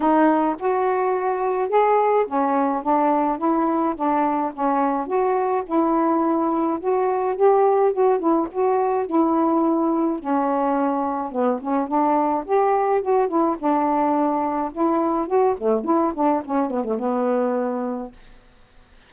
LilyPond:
\new Staff \with { instrumentName = "saxophone" } { \time 4/4 \tempo 4 = 106 dis'4 fis'2 gis'4 | cis'4 d'4 e'4 d'4 | cis'4 fis'4 e'2 | fis'4 g'4 fis'8 e'8 fis'4 |
e'2 cis'2 | b8 cis'8 d'4 g'4 fis'8 e'8 | d'2 e'4 fis'8 a8 | e'8 d'8 cis'8 b16 a16 b2 | }